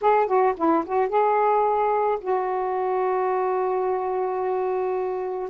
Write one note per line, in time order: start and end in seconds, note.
0.01 0.26 G#4
0.26 0.54 F#4
0.57 0.84 E4
0.85 1.08 F#4
1.08 2.18 G#4
2.20 5.49 F#4